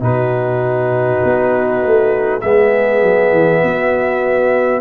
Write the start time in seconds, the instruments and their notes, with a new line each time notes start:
0.00 tuba B2, trombone D#4, horn F#4, trumpet B4
1.24 tuba B3
1.83 tuba A3
2.41 tuba G#3, trombone B3, horn G#4, trumpet E5
3.02 tuba F#3
3.32 tuba E3
3.63 tuba B3, horn F#4